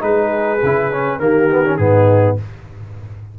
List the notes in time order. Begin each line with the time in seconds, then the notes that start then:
0.00 G#3 D#4 G#4 B4
0.63 C#3 E4
0.92 C#4
1.20 D#3 A#3 G4 A#4
1.50 B3
1.65 C#4
1.77 G#2 B3 D#4 G#4